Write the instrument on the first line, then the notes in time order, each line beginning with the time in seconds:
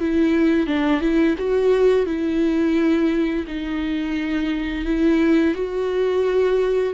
viola
0.00 E4
0.67 D4
1.01 E4
1.38 F#4
2.06 E4
3.48 D#4
4.85 E4
5.54 F#4